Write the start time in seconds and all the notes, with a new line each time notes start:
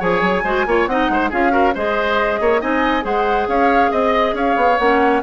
0.00 F3 G#4 C#5 G#5
0.21 F#3
0.44 G#3 F#4 C5
0.66 A#3 F4 C#5
0.87 C4 D#4 D#5 F#5
1.09 G#3 C5
1.30 C#4 F4 G#4 F5
1.50 F#4 A#4
1.75 G#3 G#4 C5 D#5
2.40 A#3 C#5
2.60 C4 D#4 D#5 G#5
3.02 G#3 G#4 C5 F#5
3.48 C#4 C#5 F5
3.91 C4 D#5
4.34 C#4 C#5 F5
4.56 B3
4.78 A#3 C#4 F#5